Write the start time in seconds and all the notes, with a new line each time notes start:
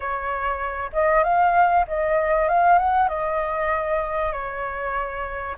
0.00 C#5
0.93 D#5
1.23 F5
1.87 D#5
2.48 F5
2.78 F#5
3.08 D#5
4.32 C#5